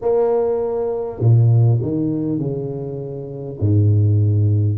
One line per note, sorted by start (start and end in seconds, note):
0.01 1.20 A#3
1.20 1.80 A#2
1.82 2.38 D#3
2.38 3.58 C#3
3.59 4.78 G#2